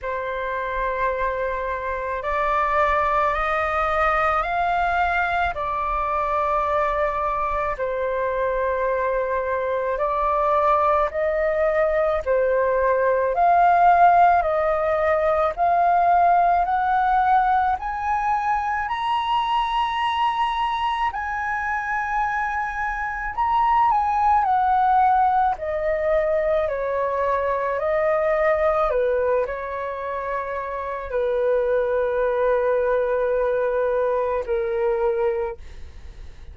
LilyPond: \new Staff \with { instrumentName = "flute" } { \time 4/4 \tempo 4 = 54 c''2 d''4 dis''4 | f''4 d''2 c''4~ | c''4 d''4 dis''4 c''4 | f''4 dis''4 f''4 fis''4 |
gis''4 ais''2 gis''4~ | gis''4 ais''8 gis''8 fis''4 dis''4 | cis''4 dis''4 b'8 cis''4. | b'2. ais'4 | }